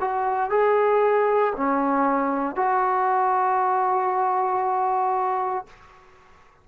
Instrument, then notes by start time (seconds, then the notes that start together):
trombone
0.00 F#4
0.50 G#4
1.56 C#4
2.56 F#4